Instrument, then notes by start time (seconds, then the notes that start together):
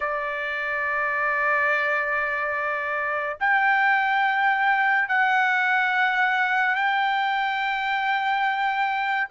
trumpet
0.00 D5
3.40 G5
5.08 F#5
6.75 G5